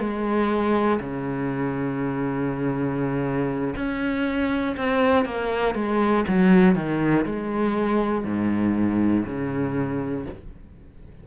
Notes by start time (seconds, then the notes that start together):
0.00 G#3
1.00 C#3
3.76 C#4
4.77 C4
5.26 A#3
5.75 G#3
6.29 F#3
6.76 D#3
7.26 G#3
8.25 G#2
9.26 C#3